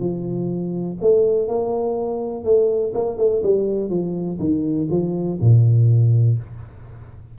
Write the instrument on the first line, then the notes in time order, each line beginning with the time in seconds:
tuba
0.00 F3
1.02 A3
1.48 A#3
2.45 A3
2.94 A#3
3.18 A3
3.43 G3
3.90 F3
4.39 D#3
4.91 F3
5.41 A#2